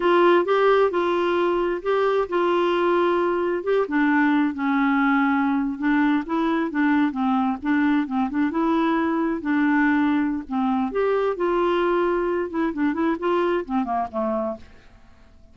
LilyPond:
\new Staff \with { instrumentName = "clarinet" } { \time 4/4 \tempo 4 = 132 f'4 g'4 f'2 | g'4 f'2. | g'8 d'4. cis'2~ | cis'8. d'4 e'4 d'4 c'16~ |
c'8. d'4 c'8 d'8 e'4~ e'16~ | e'8. d'2~ d'16 c'4 | g'4 f'2~ f'8 e'8 | d'8 e'8 f'4 c'8 ais8 a4 | }